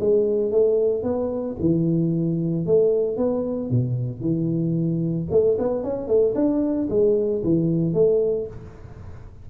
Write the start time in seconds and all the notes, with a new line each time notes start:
0.00 G#3
0.52 A3
1.03 B3
1.60 E3
2.67 A3
3.17 B3
3.71 B2
4.21 E3
5.31 A3
5.59 B3
5.84 C#4
6.08 A3
6.35 D4
6.90 G#3
7.44 E3
7.94 A3